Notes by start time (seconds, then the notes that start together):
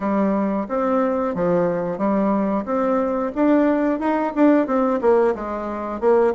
0.00 G3
0.68 C4
1.35 F3
1.98 G3
2.65 C4
3.35 D4
3.99 D#4
4.35 D4
4.66 C4
5.01 A#3
5.35 G#3
6.00 A#3